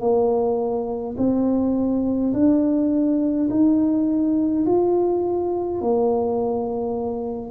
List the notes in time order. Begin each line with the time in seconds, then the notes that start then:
0.00 A#3
1.17 C4
2.33 D4
3.50 D#4
4.66 F4
5.81 A#3